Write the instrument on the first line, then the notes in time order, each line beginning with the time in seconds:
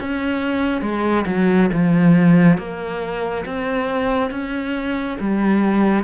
cello
0.00 C#4
0.82 G#3
1.26 F#3
1.73 F3
2.58 A#3
3.46 C4
4.31 C#4
5.21 G3